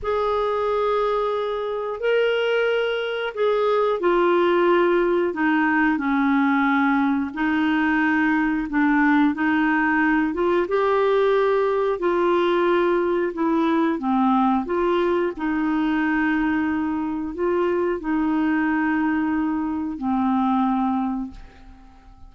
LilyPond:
\new Staff \with { instrumentName = "clarinet" } { \time 4/4 \tempo 4 = 90 gis'2. ais'4~ | ais'4 gis'4 f'2 | dis'4 cis'2 dis'4~ | dis'4 d'4 dis'4. f'8 |
g'2 f'2 | e'4 c'4 f'4 dis'4~ | dis'2 f'4 dis'4~ | dis'2 c'2 | }